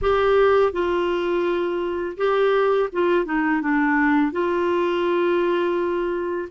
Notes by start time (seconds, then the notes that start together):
0.01 G4
0.72 F4
2.17 G4
2.92 F4
3.25 D#4
3.61 D4
4.32 F4